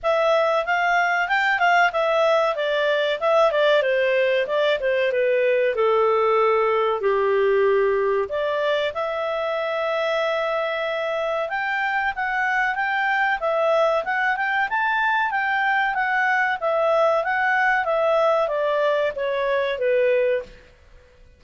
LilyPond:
\new Staff \with { instrumentName = "clarinet" } { \time 4/4 \tempo 4 = 94 e''4 f''4 g''8 f''8 e''4 | d''4 e''8 d''8 c''4 d''8 c''8 | b'4 a'2 g'4~ | g'4 d''4 e''2~ |
e''2 g''4 fis''4 | g''4 e''4 fis''8 g''8 a''4 | g''4 fis''4 e''4 fis''4 | e''4 d''4 cis''4 b'4 | }